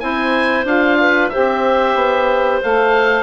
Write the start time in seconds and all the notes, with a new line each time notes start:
0.00 C4 E4 C5 G#5
0.65 D4 F4 F5
1.00 B4
1.29 G4 C5 E5
1.36 C4
1.95 B3
2.62 A3 A4 F5